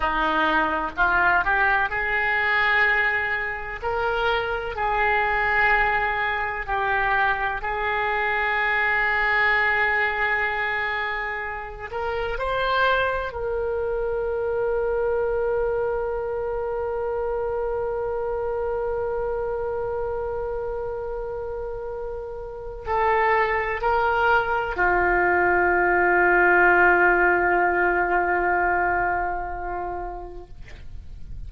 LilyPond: \new Staff \with { instrumentName = "oboe" } { \time 4/4 \tempo 4 = 63 dis'4 f'8 g'8 gis'2 | ais'4 gis'2 g'4 | gis'1~ | gis'8 ais'8 c''4 ais'2~ |
ais'1~ | ais'1 | a'4 ais'4 f'2~ | f'1 | }